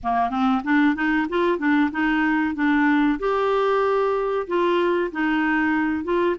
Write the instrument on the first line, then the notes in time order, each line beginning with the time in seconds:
clarinet
0.03 A#3
0.30 C4
0.64 D4
0.95 D#4
1.29 F4
1.58 D4
1.91 D#4
2.54 D4
3.19 G4
4.47 F4
5.11 D#4
6.03 F4